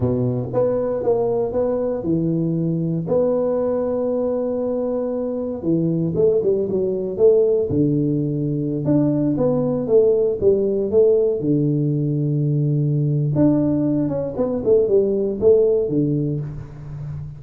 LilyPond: \new Staff \with { instrumentName = "tuba" } { \time 4/4 \tempo 4 = 117 b,4 b4 ais4 b4 | e2 b2~ | b2. e4 | a8 g8 fis4 a4 d4~ |
d4~ d16 d'4 b4 a8.~ | a16 g4 a4 d4.~ d16~ | d2 d'4. cis'8 | b8 a8 g4 a4 d4 | }